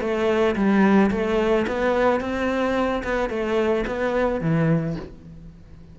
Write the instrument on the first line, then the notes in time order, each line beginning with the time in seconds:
cello
0.00 A3
0.55 G3
1.11 A3
1.67 B3
2.20 C4
3.04 B3
3.29 A3
3.87 B3
4.41 E3